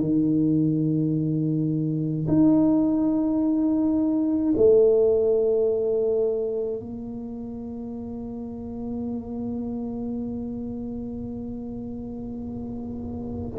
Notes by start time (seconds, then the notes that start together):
0.00 D#3
2.27 D#4
4.57 A3
6.79 A#3